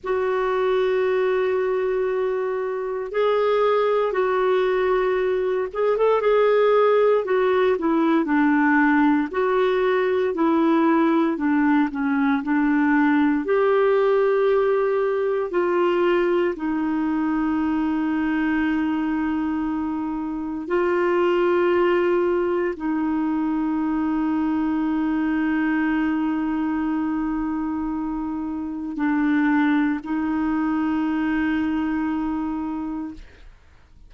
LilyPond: \new Staff \with { instrumentName = "clarinet" } { \time 4/4 \tempo 4 = 58 fis'2. gis'4 | fis'4. gis'16 a'16 gis'4 fis'8 e'8 | d'4 fis'4 e'4 d'8 cis'8 | d'4 g'2 f'4 |
dis'1 | f'2 dis'2~ | dis'1 | d'4 dis'2. | }